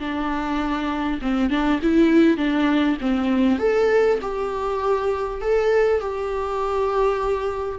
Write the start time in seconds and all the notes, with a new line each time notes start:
0.00 D4
1.22 C4
1.50 D4
1.82 E4
2.38 D4
3.01 C4
3.59 A4
4.22 G4
5.41 A4
6.01 G4